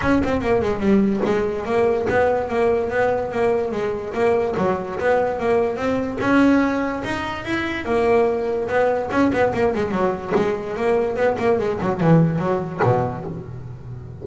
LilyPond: \new Staff \with { instrumentName = "double bass" } { \time 4/4 \tempo 4 = 145 cis'8 c'8 ais8 gis8 g4 gis4 | ais4 b4 ais4 b4 | ais4 gis4 ais4 fis4 | b4 ais4 c'4 cis'4~ |
cis'4 dis'4 e'4 ais4~ | ais4 b4 cis'8 b8 ais8 gis8 | fis4 gis4 ais4 b8 ais8 | gis8 fis8 e4 fis4 b,4 | }